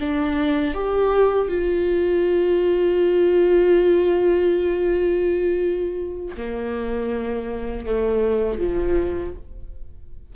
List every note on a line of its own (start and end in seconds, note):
0.00 0.75 D4
0.75 1.49 G4
1.49 6.36 F4
6.37 7.86 A#3
7.86 8.59 A3
8.59 9.34 F3